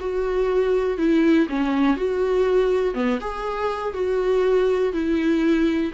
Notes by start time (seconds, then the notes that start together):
0.00 F#4
0.98 E4
1.49 C#4
1.97 F#4
2.94 B3
3.21 G#4
3.94 F#4
4.93 E4